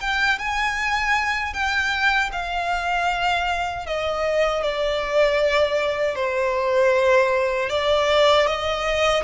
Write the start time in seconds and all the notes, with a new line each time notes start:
0.00 G5
0.38 G#5
1.53 G5
2.32 F5
3.86 D#5
4.62 D5
6.15 C5
7.69 D5
8.47 D#5